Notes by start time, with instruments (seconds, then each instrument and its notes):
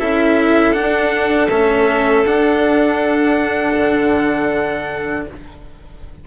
0.00 bassoon C#4, cello E4, violin A4, trumpet E5
0.73 cello D4, trumpet F#5
0.81 bassoon D4
1.49 bassoon A3, cello C#4, trumpet E5
2.25 bassoon D4, cello D4, trumpet F#5
3.78 bassoon D3